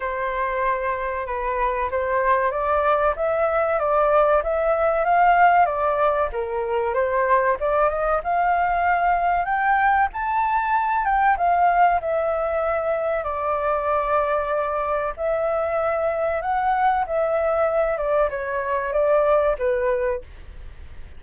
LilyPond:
\new Staff \with { instrumentName = "flute" } { \time 4/4 \tempo 4 = 95 c''2 b'4 c''4 | d''4 e''4 d''4 e''4 | f''4 d''4 ais'4 c''4 | d''8 dis''8 f''2 g''4 |
a''4. g''8 f''4 e''4~ | e''4 d''2. | e''2 fis''4 e''4~ | e''8 d''8 cis''4 d''4 b'4 | }